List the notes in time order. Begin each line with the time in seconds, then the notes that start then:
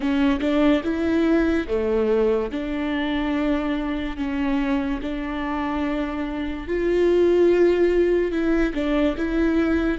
0.00 C#4
0.40 D4
0.83 E4
1.67 A3
2.51 D4
4.16 C#4
5.01 D4
6.67 F4
8.31 E4
8.74 D4
9.17 E4